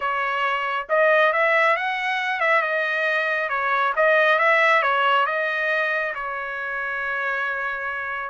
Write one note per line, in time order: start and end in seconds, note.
0.00 0.87 C#5
0.89 1.32 D#5
1.32 1.76 E5
1.76 2.40 F#5
2.40 2.62 E5
2.62 3.49 D#5
3.49 3.93 C#5
3.96 4.39 D#5
4.39 4.82 E5
4.82 5.26 C#5
5.26 6.13 D#5
6.15 8.30 C#5